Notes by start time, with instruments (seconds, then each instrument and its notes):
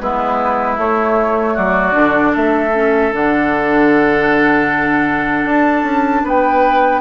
0.00 bassoon G#3, clarinet B3, oboe E4, flute B4
0.77 clarinet A3, bassoon A3, flute C#5
1.54 bassoon F#3, oboe F#4, flute D5
1.92 bassoon D3, clarinet D4
2.32 bassoon A3, oboe A4, flute E5
2.74 clarinet C#4
3.12 bassoon D3, clarinet D4, flute F#5
5.44 bassoon D4, flute A5
5.83 bassoon C#4
6.24 bassoon B3, oboe B4, flute G5